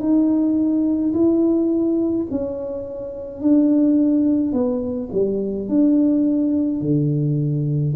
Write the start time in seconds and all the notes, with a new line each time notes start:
0.00 D#4
1.14 E4
2.31 C#4
3.42 D4
4.53 B3
5.13 G3
5.69 D4
6.81 D3